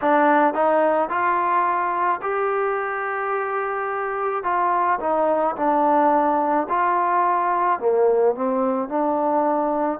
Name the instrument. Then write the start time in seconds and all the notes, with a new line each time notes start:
trombone
0.01 D4
0.54 D#4
1.09 F4
2.22 G4
4.43 F4
5.00 D#4
5.56 D4
6.69 F4
7.79 A#3
8.35 C4
8.88 D4